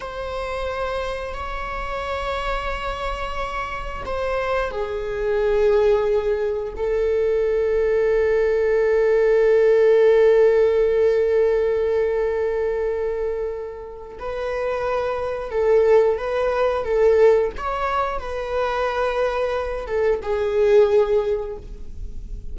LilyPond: \new Staff \with { instrumentName = "viola" } { \time 4/4 \tempo 4 = 89 c''2 cis''2~ | cis''2 c''4 gis'4~ | gis'2 a'2~ | a'1~ |
a'1~ | a'4 b'2 a'4 | b'4 a'4 cis''4 b'4~ | b'4. a'8 gis'2 | }